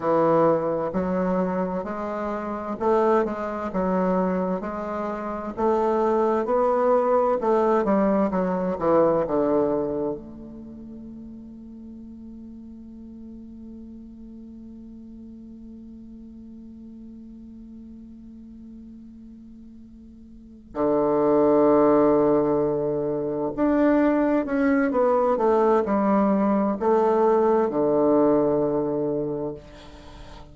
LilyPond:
\new Staff \with { instrumentName = "bassoon" } { \time 4/4 \tempo 4 = 65 e4 fis4 gis4 a8 gis8 | fis4 gis4 a4 b4 | a8 g8 fis8 e8 d4 a4~ | a1~ |
a1~ | a2~ a8 d4.~ | d4. d'4 cis'8 b8 a8 | g4 a4 d2 | }